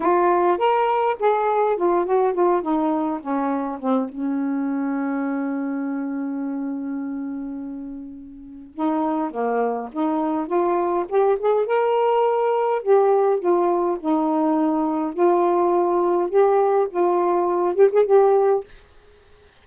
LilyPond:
\new Staff \with { instrumentName = "saxophone" } { \time 4/4 \tempo 4 = 103 f'4 ais'4 gis'4 f'8 fis'8 | f'8 dis'4 cis'4 c'8 cis'4~ | cis'1~ | cis'2. dis'4 |
ais4 dis'4 f'4 g'8 gis'8 | ais'2 g'4 f'4 | dis'2 f'2 | g'4 f'4. g'16 gis'16 g'4 | }